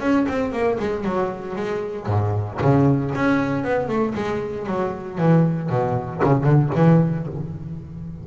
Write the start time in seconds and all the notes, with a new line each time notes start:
0.00 C#4
0.28 C4
0.52 A#3
0.79 G#3
1.04 F#3
1.56 G#3
2.06 G#2
2.61 C#3
3.15 C#4
3.64 B3
3.88 A3
4.15 G#3
4.66 F#3
5.18 E3
5.69 B2
6.24 C#3
6.44 D3
6.75 E3